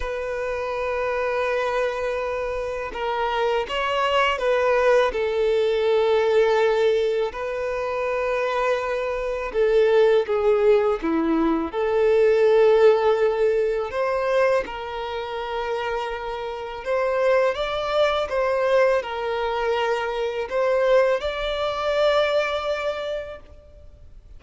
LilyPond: \new Staff \with { instrumentName = "violin" } { \time 4/4 \tempo 4 = 82 b'1 | ais'4 cis''4 b'4 a'4~ | a'2 b'2~ | b'4 a'4 gis'4 e'4 |
a'2. c''4 | ais'2. c''4 | d''4 c''4 ais'2 | c''4 d''2. | }